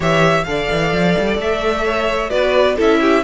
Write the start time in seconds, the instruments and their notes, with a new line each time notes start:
0.00 cello E3, viola G4, violin C#5 E5
0.43 cello D3, viola A4, violin D5 F5
0.70 cello E3
0.92 cello F3
1.18 cello G3
1.37 cello A3, violin E5
1.84 violin C#5
2.29 cello B3, viola F#4, violin B4 D5
2.76 cello C#4, viola E4, violin A4 E5
3.00 violin G4